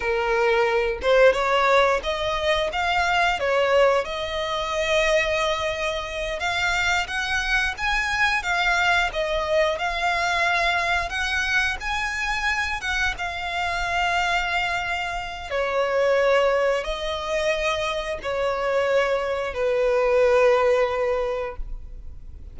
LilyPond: \new Staff \with { instrumentName = "violin" } { \time 4/4 \tempo 4 = 89 ais'4. c''8 cis''4 dis''4 | f''4 cis''4 dis''2~ | dis''4. f''4 fis''4 gis''8~ | gis''8 f''4 dis''4 f''4.~ |
f''8 fis''4 gis''4. fis''8 f''8~ | f''2. cis''4~ | cis''4 dis''2 cis''4~ | cis''4 b'2. | }